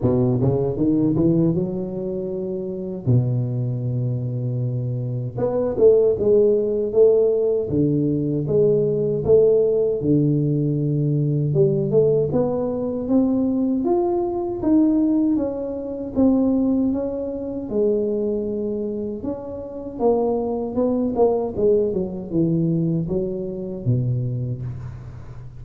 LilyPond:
\new Staff \with { instrumentName = "tuba" } { \time 4/4 \tempo 4 = 78 b,8 cis8 dis8 e8 fis2 | b,2. b8 a8 | gis4 a4 d4 gis4 | a4 d2 g8 a8 |
b4 c'4 f'4 dis'4 | cis'4 c'4 cis'4 gis4~ | gis4 cis'4 ais4 b8 ais8 | gis8 fis8 e4 fis4 b,4 | }